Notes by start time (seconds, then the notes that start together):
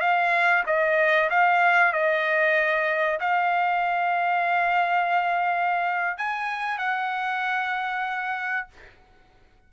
0.00 F5
0.66 D#5
1.30 F5
1.92 D#5
3.20 F5
6.17 G#5
6.78 F#5